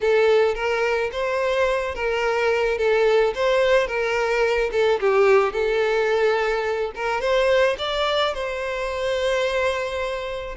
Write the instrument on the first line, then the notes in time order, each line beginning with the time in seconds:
violin
0.00 A4
0.54 A#4
1.11 C5
1.94 A#4
2.78 A4
3.35 C5
3.87 A#4
4.71 A4
5.00 G4
5.53 A4
6.95 A#4
7.20 C5
7.78 D5
8.34 C5